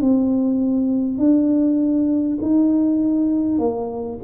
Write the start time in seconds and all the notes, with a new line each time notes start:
0.00 C4
1.18 D4
2.42 D#4
3.58 A#3